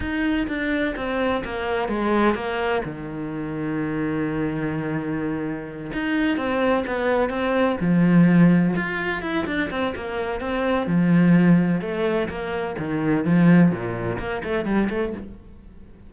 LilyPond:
\new Staff \with { instrumentName = "cello" } { \time 4/4 \tempo 4 = 127 dis'4 d'4 c'4 ais4 | gis4 ais4 dis2~ | dis1~ | dis8 dis'4 c'4 b4 c'8~ |
c'8 f2 f'4 e'8 | d'8 c'8 ais4 c'4 f4~ | f4 a4 ais4 dis4 | f4 ais,4 ais8 a8 g8 a8 | }